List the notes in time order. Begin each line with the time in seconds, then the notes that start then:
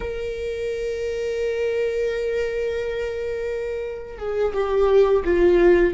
0.00 A#4
4.18 G#4
4.53 G4
5.24 F4